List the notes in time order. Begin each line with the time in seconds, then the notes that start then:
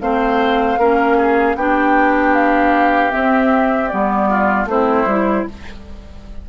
0.00 A3 C4 C5 F5
0.77 A#3 C#4 A#4
1.17 G#4
1.55 B3 D4 G4 G5
2.34 F5
3.10 C4 E5
3.88 G3 B3 D5
4.29 F4
4.65 A3 C4 E4 C5
5.05 G3 E4